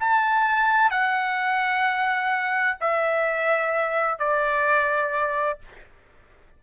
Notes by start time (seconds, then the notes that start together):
0.00 A5
0.90 F#5
2.80 E5
4.18 D5